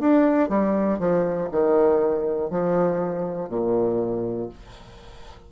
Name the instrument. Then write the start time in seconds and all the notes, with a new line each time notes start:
bassoon
0.00 D4
0.50 G3
0.99 F3
1.52 D#3
2.50 F3
3.50 A#2